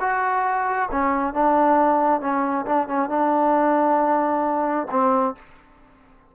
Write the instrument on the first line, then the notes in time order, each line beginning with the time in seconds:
trombone
0.00 F#4
0.91 C#4
1.33 D4
2.21 C#4
2.65 D4
2.88 C#4
3.09 D4
4.90 C4